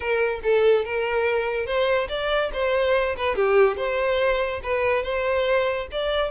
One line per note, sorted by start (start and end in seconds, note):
0.00 0.40 A#4
0.43 0.84 A4
0.84 1.66 A#4
1.66 2.08 C5
2.08 2.50 D5
2.53 3.16 C5
3.16 3.35 B4
3.35 3.76 G4
3.76 4.60 C5
4.63 5.03 B4
5.03 5.87 C5
5.91 6.31 D5